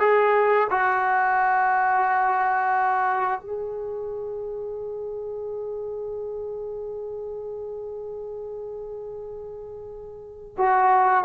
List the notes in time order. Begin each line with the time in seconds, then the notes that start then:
0.00 G#4
0.71 F#4
3.41 G#4
10.58 F#4